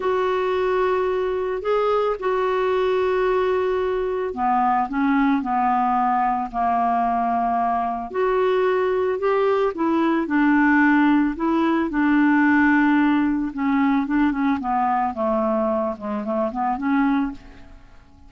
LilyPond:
\new Staff \with { instrumentName = "clarinet" } { \time 4/4 \tempo 4 = 111 fis'2. gis'4 | fis'1 | b4 cis'4 b2 | ais2. fis'4~ |
fis'4 g'4 e'4 d'4~ | d'4 e'4 d'2~ | d'4 cis'4 d'8 cis'8 b4 | a4. gis8 a8 b8 cis'4 | }